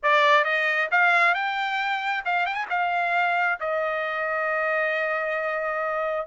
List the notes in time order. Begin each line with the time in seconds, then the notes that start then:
0.02 D5
0.44 D#5
0.91 F5
1.34 G5
2.25 F5
2.46 G5
2.54 G#5
2.69 F5
3.60 D#5